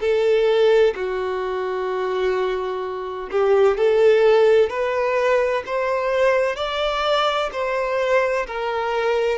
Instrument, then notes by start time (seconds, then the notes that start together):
violin
0.00 A4
0.95 F#4
3.31 G4
3.77 A4
4.69 B4
5.66 C5
6.56 D5
7.52 C5
8.47 A#4